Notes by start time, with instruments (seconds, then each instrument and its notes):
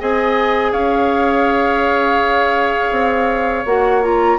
0.00 bassoon C4, clarinet G#4, oboe D#5, flute G#5
0.72 bassoon C#4, oboe C#5, flute F5
2.91 bassoon C4
3.65 bassoon A#3, clarinet F#4, flute F#5
4.02 clarinet F4, flute A#5